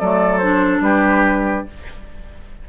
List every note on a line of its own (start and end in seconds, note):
0.00 0.81 F#3
0.00 0.43 A3
0.00 0.84 A4
0.00 0.38 D5
0.38 1.69 D4
0.38 0.80 C5
0.81 1.65 G3
0.81 1.68 G4
0.81 1.68 B4